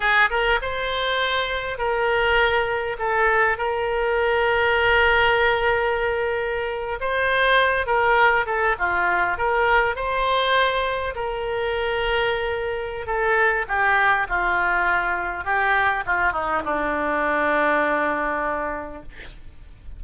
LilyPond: \new Staff \with { instrumentName = "oboe" } { \time 4/4 \tempo 4 = 101 gis'8 ais'8 c''2 ais'4~ | ais'4 a'4 ais'2~ | ais'2.~ ais'8. c''16~ | c''4~ c''16 ais'4 a'8 f'4 ais'16~ |
ais'8. c''2 ais'4~ ais'16~ | ais'2 a'4 g'4 | f'2 g'4 f'8 dis'8 | d'1 | }